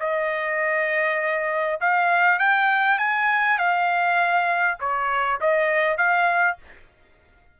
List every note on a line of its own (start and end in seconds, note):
0.00 1.80 D#5
1.81 2.39 F5
2.39 2.98 G5
2.98 3.58 G#5
3.58 4.78 F5
4.80 5.40 C#5
5.41 5.98 D#5
5.98 6.58 F5